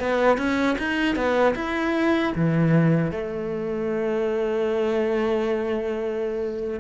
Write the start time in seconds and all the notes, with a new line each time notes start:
0.00 B3
0.38 C#4
0.79 D#4
1.16 B3
1.55 E4
2.36 E3
3.12 A3